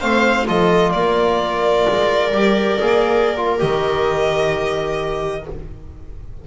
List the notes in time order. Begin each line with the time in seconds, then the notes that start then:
0.00 A3 C4 C5 F5
0.47 F3 F4 A4 D#5
0.92 A#3 A#4 D5
1.89 G#3
2.32 G3 G4
2.79 A#3 G#4
3.37 F4
3.59 D#3 G4 D#5